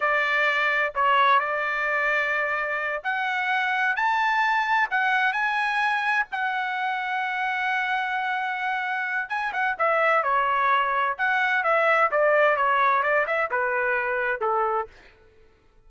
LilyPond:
\new Staff \with { instrumentName = "trumpet" } { \time 4/4 \tempo 4 = 129 d''2 cis''4 d''4~ | d''2~ d''8 fis''4.~ | fis''8 a''2 fis''4 gis''8~ | gis''4. fis''2~ fis''8~ |
fis''1 | gis''8 fis''8 e''4 cis''2 | fis''4 e''4 d''4 cis''4 | d''8 e''8 b'2 a'4 | }